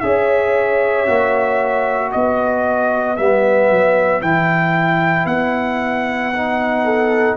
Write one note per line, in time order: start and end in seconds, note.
0.00 1.08 C#4
0.00 1.06 G#4
0.00 2.12 C#5
0.00 2.11 E5
1.06 2.13 A#3
1.06 3.17 F#4
2.11 3.19 B3
2.11 6.84 B4
2.11 3.16 D#5
3.16 3.71 G3
3.16 4.22 B3
3.16 4.21 E5
3.71 4.21 F#3
4.21 5.25 E3
4.21 6.33 E4
4.21 5.26 G5
5.25 7.36 B3
5.25 7.36 F#5
6.34 7.36 D#4
6.84 7.36 A4